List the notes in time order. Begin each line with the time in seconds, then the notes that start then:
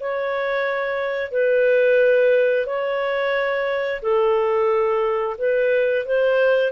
0.00 C#5
1.31 B4
2.66 C#5
4.02 A4
5.38 B4
6.06 C5